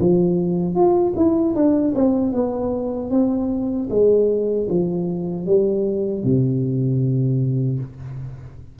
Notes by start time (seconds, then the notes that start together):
0.00 F3
0.75 F4
1.17 E4
1.55 D4
1.96 C4
2.33 B3
3.11 C4
3.90 G#3
4.70 F3
5.47 G3
6.24 C3